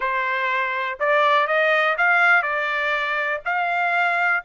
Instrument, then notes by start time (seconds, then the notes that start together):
trumpet
0.00 C5
0.99 D5
1.47 D#5
1.97 F5
2.42 D5
3.45 F5